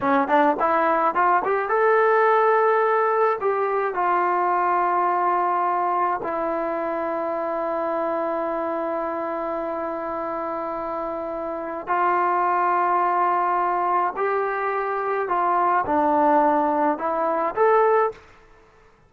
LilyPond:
\new Staff \with { instrumentName = "trombone" } { \time 4/4 \tempo 4 = 106 cis'8 d'8 e'4 f'8 g'8 a'4~ | a'2 g'4 f'4~ | f'2. e'4~ | e'1~ |
e'1~ | e'4 f'2.~ | f'4 g'2 f'4 | d'2 e'4 a'4 | }